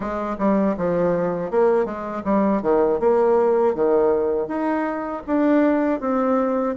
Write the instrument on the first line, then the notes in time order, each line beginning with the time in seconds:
bassoon
0.00 G#3
0.38 G3
0.77 F3
1.50 A#3
1.85 G#3
2.24 G3
2.62 D#3
2.99 A#3
3.74 D#3
4.47 D#4
5.26 D4
6.00 C4